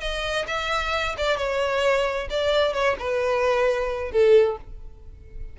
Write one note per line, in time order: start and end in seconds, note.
0.00 0.45 D#5
0.47 1.15 E5
1.17 1.37 D5
1.37 2.28 C#5
2.30 2.73 D5
2.73 2.96 C#5
2.98 4.11 B4
4.11 4.57 A4